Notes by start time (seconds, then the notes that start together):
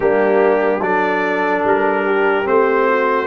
0.00 G3 A#3 D4 G4
0.80 F#3 D4 A4 D5
1.64 G3 A#4
2.06 G4
2.44 A3 C4 C5
2.88 F#4